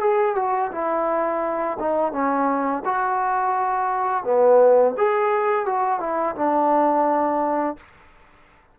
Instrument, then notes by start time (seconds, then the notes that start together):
trombone
0.00 G#4
0.35 F#4
0.72 E4
1.79 D#4
2.12 C#4
2.85 F#4
4.24 B3
4.97 G#4
5.66 F#4
6.00 E4
6.35 D4